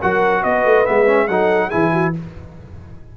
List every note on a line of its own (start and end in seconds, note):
0.00 0.44 F#3
0.00 0.85 F#4
0.00 0.42 A#4
0.00 0.43 F#5
0.42 0.65 B3
0.42 1.27 B4
0.42 0.86 D#5
0.65 0.86 A3
0.85 1.29 G#3
0.85 1.06 B3
0.85 1.27 E5
1.06 1.27 C#4
1.27 1.71 F#3
1.27 1.70 D#4
1.27 1.68 A4
1.27 1.70 F#5
1.68 2.17 E3
1.68 2.13 E4
1.68 1.90 G#4
1.68 2.12 G#5
1.92 2.14 F#4